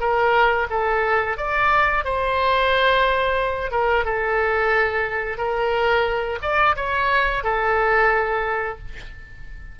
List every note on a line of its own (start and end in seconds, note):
0.00 0.67 A#4
0.70 1.38 A4
1.38 2.04 D5
2.04 3.71 C5
3.71 4.05 A#4
4.05 5.38 A4
5.38 6.39 A#4
6.42 6.76 D5
6.76 7.44 C#5
7.44 8.79 A4